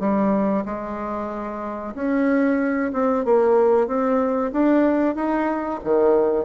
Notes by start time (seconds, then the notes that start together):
0.00 G3
0.65 G#3
1.95 C#4
2.93 C4
3.25 A#3
3.88 C4
4.53 D4
5.16 D#4
5.84 D#3